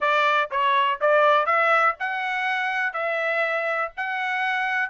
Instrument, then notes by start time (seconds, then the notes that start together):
trumpet
0.00 D5
0.51 C#5
1.01 D5
1.46 E5
1.99 F#5
2.93 E5
3.97 F#5